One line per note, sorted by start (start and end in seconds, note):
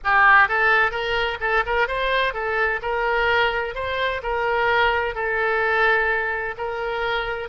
0.03 0.48 G4
0.48 0.91 A4
0.91 1.37 A#4
1.40 1.63 A4
1.66 1.87 A#4
1.87 2.33 C5
2.33 2.80 A4
2.81 3.74 A#4
3.74 4.21 C5
4.23 5.14 A#4
5.14 6.55 A4
6.57 7.49 A#4